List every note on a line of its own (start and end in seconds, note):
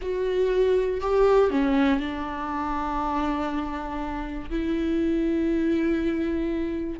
0.01 1.00 F#4
1.00 1.50 G4
1.50 1.99 C#4
1.99 4.49 D4
4.50 6.99 E4